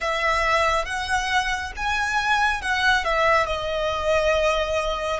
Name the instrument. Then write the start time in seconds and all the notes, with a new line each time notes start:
violin
0.00 E5
0.85 F#5
1.76 G#5
2.61 F#5
3.04 E5
3.46 D#5